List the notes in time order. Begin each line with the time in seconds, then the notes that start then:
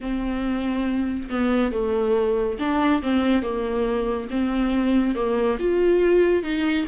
0.00 C4
1.29 B3
1.72 A3
2.59 D4
3.02 C4
3.42 A#3
4.30 C4
5.15 A#3
5.59 F4
6.43 D#4